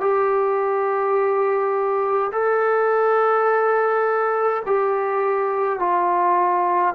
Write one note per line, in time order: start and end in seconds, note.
0.00 2.31 G4
2.32 4.63 A4
4.66 5.78 G4
5.78 6.94 F4